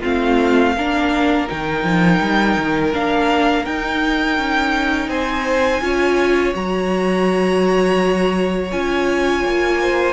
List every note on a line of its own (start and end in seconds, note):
0.00 0.77 A3
0.00 0.75 C4
0.00 0.72 F4
0.00 1.48 F5
0.77 1.49 A#3
0.77 1.48 D4
0.77 5.09 A#4
1.48 1.83 D#3
1.48 2.92 D#4
1.48 2.94 G5
1.83 2.19 F3
2.21 2.57 G3
2.58 2.94 D#3
2.93 3.66 A#3
2.93 3.66 D4
2.93 3.66 F5
3.66 4.38 D#4
3.66 5.81 D#4
3.66 5.09 G5
4.38 5.08 C#4
5.08 5.81 C4
5.08 5.81 C5
5.08 6.54 G#5
5.81 6.54 C#4
5.81 6.54 F4
5.81 9.82 C#5
6.54 8.72 F#3
6.54 8.71 F#4
6.54 8.71 A#5
8.71 9.44 C#4
8.71 10.13 F4
8.71 10.13 G#5
9.44 10.13 A#3
9.82 10.13 C5